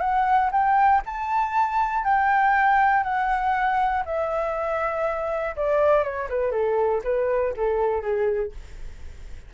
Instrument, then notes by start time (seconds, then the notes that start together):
flute
0.00 F#5
0.51 G5
1.05 A5
2.04 G5
3.03 F#5
4.05 E5
5.56 D5
6.03 C#5
6.29 B4
6.51 A4
7.03 B4
7.56 A4
8.01 G#4